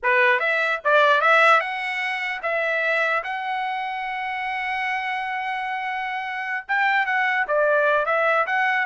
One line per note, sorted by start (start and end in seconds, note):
0.02 0.39 B4
0.39 0.79 E5
0.84 1.21 D5
1.21 1.60 E5
1.60 2.40 F#5
2.42 3.23 E5
3.23 6.66 F#5
6.68 7.05 G5
7.05 7.46 F#5
7.47 8.05 D5
8.05 8.45 E5
8.46 8.86 F#5